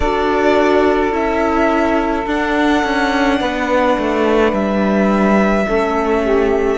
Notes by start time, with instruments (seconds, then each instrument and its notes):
0.00 cello D4, viola F#4, saxophone A4, violin D5
1.12 cello C#4, viola E4, violin E5
2.26 cello D4, viola D4, violin F#5
2.83 cello C#4
3.40 cello B3, saxophone B4
3.98 cello A3
4.52 cello G3, violin E5
5.65 cello A3, viola C#4, saxophone A4
6.22 saxophone G4